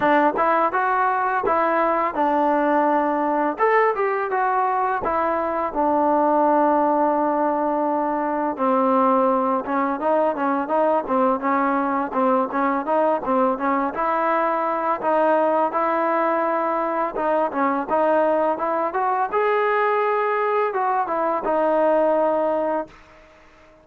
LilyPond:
\new Staff \with { instrumentName = "trombone" } { \time 4/4 \tempo 4 = 84 d'8 e'8 fis'4 e'4 d'4~ | d'4 a'8 g'8 fis'4 e'4 | d'1 | c'4. cis'8 dis'8 cis'8 dis'8 c'8 |
cis'4 c'8 cis'8 dis'8 c'8 cis'8 e'8~ | e'4 dis'4 e'2 | dis'8 cis'8 dis'4 e'8 fis'8 gis'4~ | gis'4 fis'8 e'8 dis'2 | }